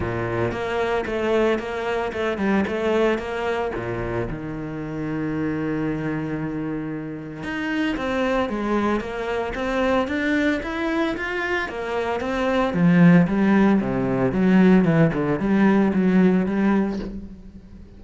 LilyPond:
\new Staff \with { instrumentName = "cello" } { \time 4/4 \tempo 4 = 113 ais,4 ais4 a4 ais4 | a8 g8 a4 ais4 ais,4 | dis1~ | dis2 dis'4 c'4 |
gis4 ais4 c'4 d'4 | e'4 f'4 ais4 c'4 | f4 g4 c4 fis4 | e8 d8 g4 fis4 g4 | }